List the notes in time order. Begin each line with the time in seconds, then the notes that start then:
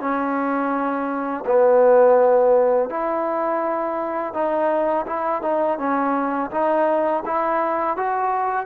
0.00 C#4
1.46 B3
2.89 E4
4.33 D#4
5.06 E4
5.42 D#4
5.78 C#4
6.51 D#4
7.25 E4
7.97 F#4